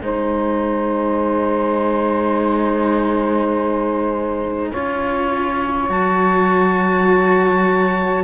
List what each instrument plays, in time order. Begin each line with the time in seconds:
0.00 cello G#3 D#4, saxophone C5, clarinet G#5
4.71 cello C#4 F4, saxophone C#5
5.89 cello F#3 F#4, clarinet A5